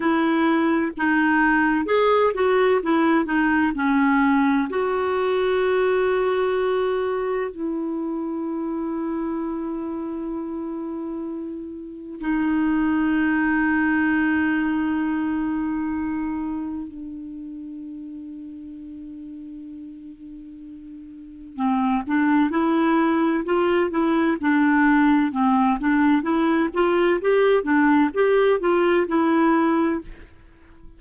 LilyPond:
\new Staff \with { instrumentName = "clarinet" } { \time 4/4 \tempo 4 = 64 e'4 dis'4 gis'8 fis'8 e'8 dis'8 | cis'4 fis'2. | e'1~ | e'4 dis'2.~ |
dis'2 d'2~ | d'2. c'8 d'8 | e'4 f'8 e'8 d'4 c'8 d'8 | e'8 f'8 g'8 d'8 g'8 f'8 e'4 | }